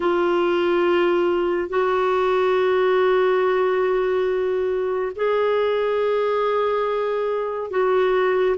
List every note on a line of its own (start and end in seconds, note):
0.00 1.69 F4
1.69 5.12 F#4
5.15 7.70 G#4
7.70 8.56 F#4